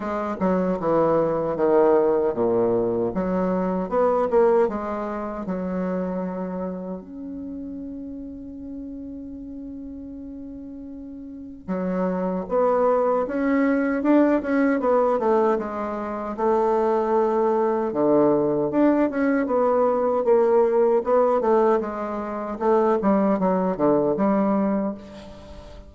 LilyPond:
\new Staff \with { instrumentName = "bassoon" } { \time 4/4 \tempo 4 = 77 gis8 fis8 e4 dis4 ais,4 | fis4 b8 ais8 gis4 fis4~ | fis4 cis'2.~ | cis'2. fis4 |
b4 cis'4 d'8 cis'8 b8 a8 | gis4 a2 d4 | d'8 cis'8 b4 ais4 b8 a8 | gis4 a8 g8 fis8 d8 g4 | }